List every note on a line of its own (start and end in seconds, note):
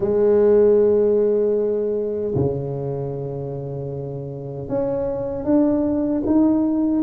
0.00 2.34 G#3
2.34 4.68 C#3
4.68 5.44 C#4
5.44 6.22 D4
6.26 7.02 D#4